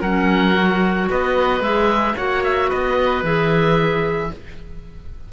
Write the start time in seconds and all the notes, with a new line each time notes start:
0.00 F#3 C#4 A#4 F#5
0.53 F#4
1.10 B3 B4 D#5
1.60 G#3 G#4 E5
2.15 A#3 F#4 C#5 F#5
2.43 E5
2.68 B3 B4 D#5
3.22 E3 G#4 E5